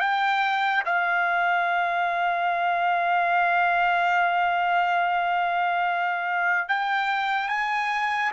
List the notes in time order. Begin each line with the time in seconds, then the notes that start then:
0.00 G5
0.85 F5
6.69 G5
7.48 G#5